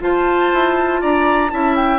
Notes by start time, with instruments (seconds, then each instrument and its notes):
0.00 clarinet F4, bassoon F4, oboe C5, flute A5
0.54 bassoon E4
1.01 bassoon D4, oboe D5, flute A#5
1.50 bassoon C#4, clarinet E4, oboe E5, flute A5
1.76 flute G5